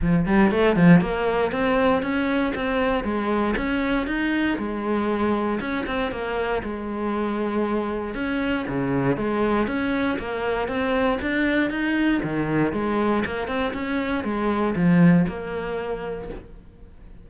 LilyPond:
\new Staff \with { instrumentName = "cello" } { \time 4/4 \tempo 4 = 118 f8 g8 a8 f8 ais4 c'4 | cis'4 c'4 gis4 cis'4 | dis'4 gis2 cis'8 c'8 | ais4 gis2. |
cis'4 cis4 gis4 cis'4 | ais4 c'4 d'4 dis'4 | dis4 gis4 ais8 c'8 cis'4 | gis4 f4 ais2 | }